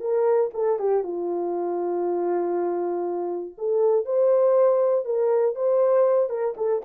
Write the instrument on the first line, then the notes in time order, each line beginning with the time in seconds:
horn
0.00 A#4
0.54 A4
0.79 G4
1.03 F4
3.58 A4
4.05 C5
5.05 A#4
5.55 C5
6.29 A#4
6.57 A4